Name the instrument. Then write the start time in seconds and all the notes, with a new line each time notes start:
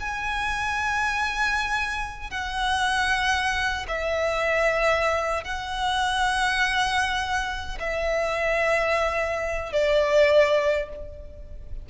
violin
0.00 G#5
2.30 F#5
3.88 E5
5.44 F#5
7.80 E5
9.72 D5